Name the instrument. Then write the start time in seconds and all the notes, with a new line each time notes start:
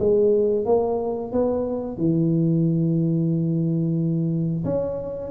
tuba
0.00 G#3
0.66 A#3
1.32 B3
1.98 E3
4.65 C#4